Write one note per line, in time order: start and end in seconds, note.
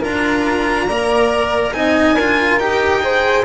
0.00 0.89 D4
0.00 0.89 F4
0.00 0.86 A#4
0.00 1.73 A#5
0.88 1.74 A#3
0.88 1.75 A#4
0.88 1.74 D5
1.73 2.16 C4
1.73 2.17 D#4
1.73 2.15 D#5
1.73 2.59 G#5
2.15 2.57 D4
2.15 2.60 F4
2.15 3.01 A#4
2.57 3.43 D#4
2.57 3.01 G4
2.57 3.45 G5
3.01 3.44 G#4
3.01 3.45 C5